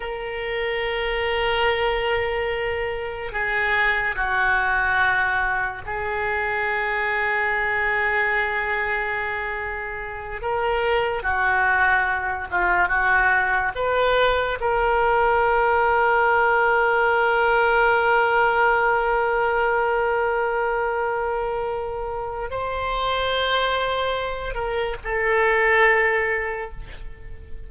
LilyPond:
\new Staff \with { instrumentName = "oboe" } { \time 4/4 \tempo 4 = 72 ais'1 | gis'4 fis'2 gis'4~ | gis'1~ | gis'8 ais'4 fis'4. f'8 fis'8~ |
fis'8 b'4 ais'2~ ais'8~ | ais'1~ | ais'2. c''4~ | c''4. ais'8 a'2 | }